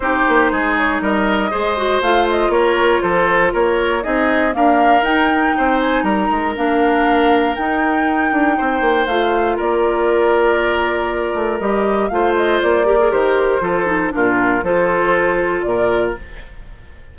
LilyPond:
<<
  \new Staff \with { instrumentName = "flute" } { \time 4/4 \tempo 4 = 119 c''4. cis''8 dis''2 | f''8 dis''8 cis''4 c''4 cis''4 | dis''4 f''4 g''4. gis''8 | ais''4 f''2 g''4~ |
g''2 f''4 d''4~ | d''2. dis''4 | f''8 dis''8 d''4 c''2 | ais'4 c''2 d''4 | }
  \new Staff \with { instrumentName = "oboe" } { \time 4/4 g'4 gis'4 ais'4 c''4~ | c''4 ais'4 a'4 ais'4 | gis'4 ais'2 c''4 | ais'1~ |
ais'4 c''2 ais'4~ | ais'1 | c''4. ais'4. a'4 | f'4 a'2 ais'4 | }
  \new Staff \with { instrumentName = "clarinet" } { \time 4/4 dis'2. gis'8 fis'8 | f'1 | dis'4 ais4 dis'2~ | dis'4 d'2 dis'4~ |
dis'2 f'2~ | f'2. g'4 | f'4. g'16 gis'16 g'4 f'8 dis'8 | d'4 f'2. | }
  \new Staff \with { instrumentName = "bassoon" } { \time 4/4 c'8 ais8 gis4 g4 gis4 | a4 ais4 f4 ais4 | c'4 d'4 dis'4 c'4 | g8 gis8 ais2 dis'4~ |
dis'8 d'8 c'8 ais8 a4 ais4~ | ais2~ ais8 a8 g4 | a4 ais4 dis4 f4 | ais,4 f2 ais,4 | }
>>